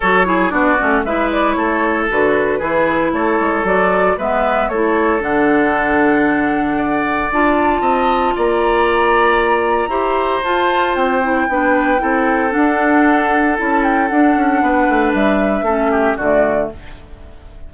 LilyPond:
<<
  \new Staff \with { instrumentName = "flute" } { \time 4/4 \tempo 4 = 115 cis''4 d''4 e''8 d''8 cis''4 | b'2 cis''4 d''4 | e''4 cis''4 fis''2~ | fis''2 a''2 |
ais''1 | a''4 g''2. | fis''2 a''8 g''8 fis''4~ | fis''4 e''2 d''4 | }
  \new Staff \with { instrumentName = "oboe" } { \time 4/4 a'8 gis'8 fis'4 b'4 a'4~ | a'4 gis'4 a'2 | b'4 a'2.~ | a'4 d''2 dis''4 |
d''2. c''4~ | c''2 b'4 a'4~ | a'1 | b'2 a'8 g'8 fis'4 | }
  \new Staff \with { instrumentName = "clarinet" } { \time 4/4 fis'8 e'8 d'8 cis'8 e'2 | fis'4 e'2 fis'4 | b4 e'4 d'2~ | d'2 f'2~ |
f'2. g'4 | f'4. e'8 d'4 e'4 | d'2 e'4 d'4~ | d'2 cis'4 a4 | }
  \new Staff \with { instrumentName = "bassoon" } { \time 4/4 fis4 b8 a8 gis4 a4 | d4 e4 a8 gis8 fis4 | gis4 a4 d2~ | d2 d'4 c'4 |
ais2. e'4 | f'4 c'4 b4 c'4 | d'2 cis'4 d'8 cis'8 | b8 a8 g4 a4 d4 | }
>>